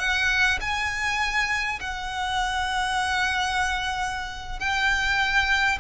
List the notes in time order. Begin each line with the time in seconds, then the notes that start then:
0.00 F#5
0.61 G#5
1.81 F#5
4.60 G5